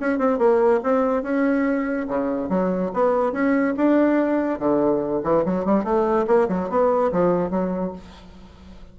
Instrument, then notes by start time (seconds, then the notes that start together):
bassoon
0.00 C#4
0.18 C4
0.38 A#3
0.83 C4
1.23 C#4
2.08 C#3
2.49 F#3
2.94 B3
3.32 C#4
3.76 D4
4.59 D3
5.23 E3
5.45 F#3
5.65 G3
5.84 A3
6.27 A#3
6.48 F#3
6.69 B3
7.12 F3
7.50 F#3